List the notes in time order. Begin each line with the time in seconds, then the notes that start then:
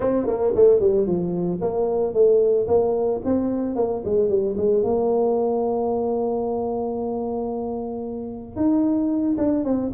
0.00 C4
0.27 A#3
0.55 A3
0.79 G3
1.06 F3
1.61 A#3
2.13 A3
2.67 A#3
3.24 C4
3.75 A#3
4.04 G#3
4.29 G3
4.57 G#3
4.83 A#3
8.56 D#4
9.37 D4
9.64 C4